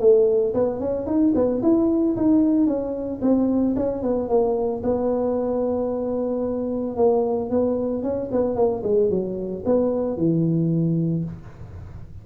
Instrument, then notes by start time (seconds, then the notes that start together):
tuba
0.00 A3
0.54 B3
0.80 C#4
1.06 D#4
1.35 B3
1.62 E4
2.16 D#4
2.67 C#4
3.21 C4
3.76 C#4
4.02 B3
4.29 A#3
4.83 B3
6.96 A#3
7.50 B3
8.03 C#4
8.31 B3
8.55 A#3
8.83 G#3
9.10 F#3
9.65 B3
10.17 E3